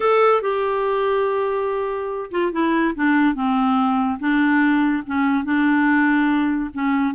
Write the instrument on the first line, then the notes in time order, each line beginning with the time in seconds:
clarinet
0.00 A4
0.41 G4
2.31 F4
2.52 E4
2.95 D4
3.35 C4
4.19 D4
5.06 C#4
5.44 D4
6.73 C#4